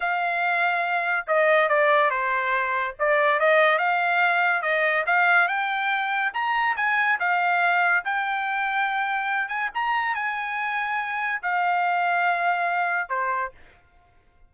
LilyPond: \new Staff \with { instrumentName = "trumpet" } { \time 4/4 \tempo 4 = 142 f''2. dis''4 | d''4 c''2 d''4 | dis''4 f''2 dis''4 | f''4 g''2 ais''4 |
gis''4 f''2 g''4~ | g''2~ g''8 gis''8 ais''4 | gis''2. f''4~ | f''2. c''4 | }